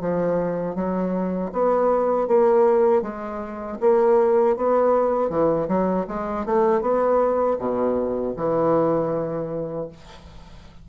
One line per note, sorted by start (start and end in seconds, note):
0.00 0.75 F3
0.75 1.51 F#3
1.52 2.28 B3
2.28 3.02 A#3
3.02 3.78 G#3
3.80 4.56 A#3
4.56 5.30 B3
5.30 5.68 E3
5.68 6.06 F#3
6.07 6.45 G#3
6.46 6.81 A3
6.81 7.57 B3
7.59 8.35 B2
8.36 9.88 E3